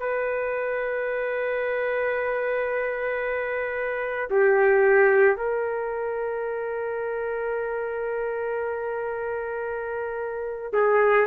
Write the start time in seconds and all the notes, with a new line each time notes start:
0.00 B4
4.30 G4
5.37 A#4
10.73 G#4